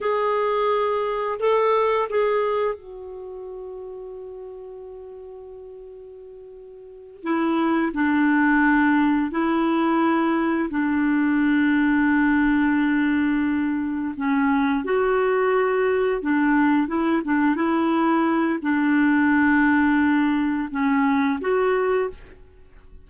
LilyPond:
\new Staff \with { instrumentName = "clarinet" } { \time 4/4 \tempo 4 = 87 gis'2 a'4 gis'4 | fis'1~ | fis'2~ fis'8 e'4 d'8~ | d'4. e'2 d'8~ |
d'1~ | d'8 cis'4 fis'2 d'8~ | d'8 e'8 d'8 e'4. d'4~ | d'2 cis'4 fis'4 | }